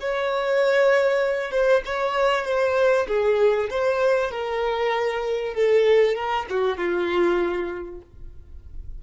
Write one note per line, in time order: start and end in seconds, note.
0.00 1.51 C#5
1.51 1.82 C5
1.86 2.45 C#5
2.45 3.07 C5
3.08 3.69 G#4
3.70 4.31 C5
4.31 5.54 A#4
5.54 6.15 A4
6.15 6.46 A#4
6.50 6.77 F#4
6.77 8.01 F4